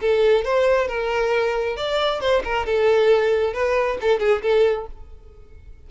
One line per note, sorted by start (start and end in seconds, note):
0.00 0.44 A4
0.45 0.88 C5
0.88 1.77 A#4
1.77 2.21 D5
2.21 2.43 C5
2.44 2.66 A#4
2.66 3.53 A4
3.53 3.98 B4
4.01 4.20 A4
4.20 4.42 G#4
4.42 4.87 A4